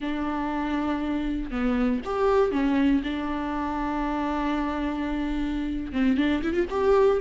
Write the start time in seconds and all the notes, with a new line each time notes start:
0.00 D4
1.51 B3
2.04 G4
2.51 C#4
3.03 D4
5.92 C4
6.17 D4
6.42 E4
6.53 F4
6.69 G4